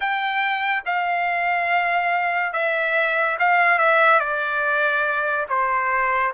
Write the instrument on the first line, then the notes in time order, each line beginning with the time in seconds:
trumpet
0.00 G5
0.85 F5
2.52 E5
3.39 F5
3.78 E5
4.19 D5
5.48 C5